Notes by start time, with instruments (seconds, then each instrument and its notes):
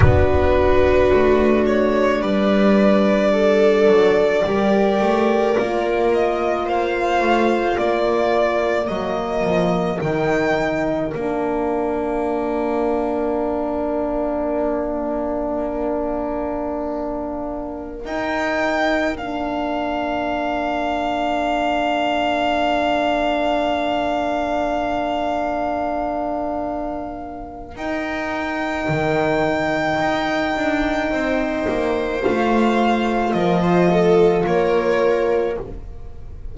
0.00 double bass B3, horn D4, viola F#4, violin B4
1.12 double bass A3
1.66 violin C#5
2.20 double bass G3, viola B4, violin D5
3.32 viola A4
3.87 double bass F#3
4.45 double bass G3, horn G4, viola A#4
5.00 double bass A3
5.57 double bass A#3, horn F4
6.13 violin D#5
6.65 viola C5, violin F5
7.21 double bass A3
7.77 double bass A#3, viola A#4, violin D5
8.86 double bass F#3, horn A#3, violin D#5
9.43 double bass F3
10.01 double bass D#3, horn D#4, violin G5
11.12 double bass A#3, horn D4, violin F5
18.04 horn D#4, double bass D#4, violin G5
19.15 double bass A#3, horn D4, violin F5
27.75 double bass D#4, horn D#4, violin G5
28.88 double bass D#3
30.00 double bass D#4
30.56 double bass D4
31.10 double bass C4, viola C5
31.68 double bass A#3
32.22 double bass A3, horn F4, violin F5
33.31 double bass F3, viola A#4, violin D#5
33.61 viola C5
33.91 viola A4
34.46 double bass A#3, viola A#4, violin C#5